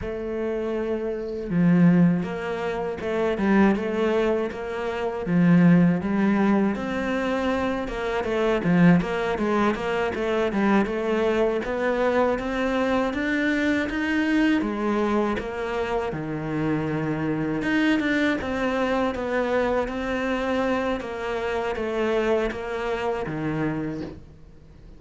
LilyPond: \new Staff \with { instrumentName = "cello" } { \time 4/4 \tempo 4 = 80 a2 f4 ais4 | a8 g8 a4 ais4 f4 | g4 c'4. ais8 a8 f8 | ais8 gis8 ais8 a8 g8 a4 b8~ |
b8 c'4 d'4 dis'4 gis8~ | gis8 ais4 dis2 dis'8 | d'8 c'4 b4 c'4. | ais4 a4 ais4 dis4 | }